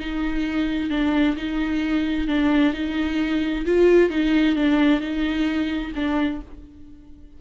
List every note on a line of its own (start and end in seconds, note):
0.00 0.91 D#4
0.91 1.36 D4
1.37 2.28 D#4
2.28 2.74 D4
2.74 3.66 D#4
3.66 4.10 F4
4.10 4.56 D#4
4.56 5.01 D4
5.01 5.93 D#4
5.95 6.41 D4